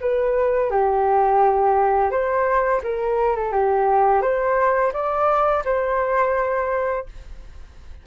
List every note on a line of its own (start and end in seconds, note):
0.00 0.70 B4
0.70 2.10 G4
2.10 2.81 C5
2.83 3.36 A#4
3.36 3.52 A4
3.52 4.21 G4
4.21 4.92 C5
4.93 5.63 D5
5.64 7.06 C5